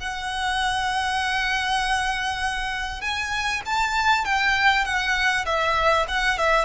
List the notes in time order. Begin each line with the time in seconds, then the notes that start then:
0.00 F#5
3.01 G#5
3.66 A5
4.25 G5
4.85 F#5
5.46 E5
6.09 F#5
6.38 E5